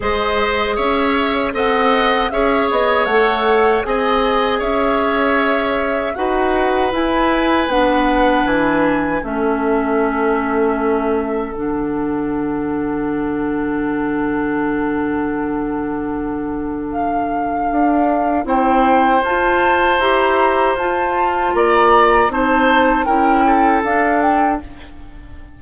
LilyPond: <<
  \new Staff \with { instrumentName = "flute" } { \time 4/4 \tempo 4 = 78 dis''4 e''4 fis''4 e''8 dis''8 | fis''4 gis''4 e''2 | fis''4 gis''4 fis''4 gis''4 | e''2. fis''4~ |
fis''1~ | fis''2 f''2 | g''4 a''4 ais''4 a''4 | ais''4 a''4 g''4 f''8 g''8 | }
  \new Staff \with { instrumentName = "oboe" } { \time 4/4 c''4 cis''4 dis''4 cis''4~ | cis''4 dis''4 cis''2 | b'1 | a'1~ |
a'1~ | a'1 | c''1 | d''4 c''4 ais'8 a'4. | }
  \new Staff \with { instrumentName = "clarinet" } { \time 4/4 gis'2 a'4 gis'4 | a'4 gis'2. | fis'4 e'4 d'2 | cis'2. d'4~ |
d'1~ | d'1 | e'4 f'4 g'4 f'4~ | f'4 dis'4 e'4 d'4 | }
  \new Staff \with { instrumentName = "bassoon" } { \time 4/4 gis4 cis'4 c'4 cis'8 b8 | a4 c'4 cis'2 | dis'4 e'4 b4 e4 | a2. d4~ |
d1~ | d2. d'4 | c'4 f'4 e'4 f'4 | ais4 c'4 cis'4 d'4 | }
>>